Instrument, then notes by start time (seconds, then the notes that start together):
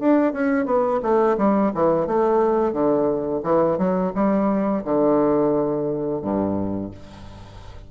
bassoon
0.00 D4
0.33 C#4
0.66 B3
1.03 A3
1.38 G3
1.75 E3
2.07 A3
2.73 D3
3.44 E3
3.78 F#3
4.15 G3
4.85 D3
6.22 G2